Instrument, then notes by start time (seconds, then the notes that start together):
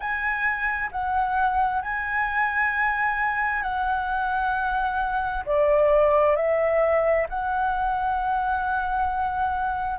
flute
0.00 G#5
0.91 F#5
1.82 G#5
3.62 F#5
5.45 D5
6.36 E5
7.29 F#5